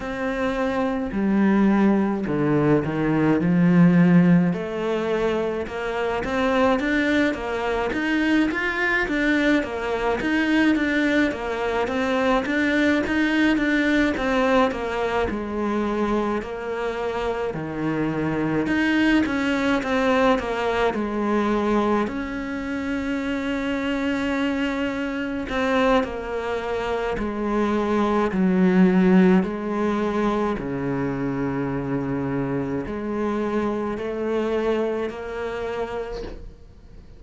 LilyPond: \new Staff \with { instrumentName = "cello" } { \time 4/4 \tempo 4 = 53 c'4 g4 d8 dis8 f4 | a4 ais8 c'8 d'8 ais8 dis'8 f'8 | d'8 ais8 dis'8 d'8 ais8 c'8 d'8 dis'8 | d'8 c'8 ais8 gis4 ais4 dis8~ |
dis8 dis'8 cis'8 c'8 ais8 gis4 cis'8~ | cis'2~ cis'8 c'8 ais4 | gis4 fis4 gis4 cis4~ | cis4 gis4 a4 ais4 | }